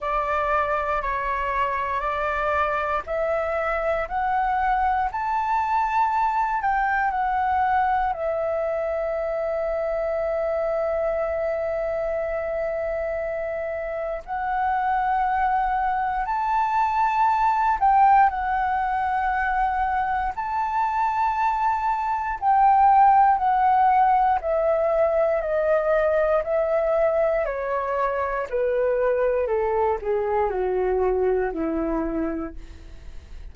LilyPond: \new Staff \with { instrumentName = "flute" } { \time 4/4 \tempo 4 = 59 d''4 cis''4 d''4 e''4 | fis''4 a''4. g''8 fis''4 | e''1~ | e''2 fis''2 |
a''4. g''8 fis''2 | a''2 g''4 fis''4 | e''4 dis''4 e''4 cis''4 | b'4 a'8 gis'8 fis'4 e'4 | }